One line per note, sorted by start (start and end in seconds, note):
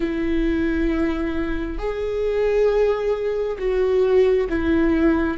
0.00 1.78 E4
1.78 3.57 G#4
3.58 4.47 F#4
4.49 5.37 E4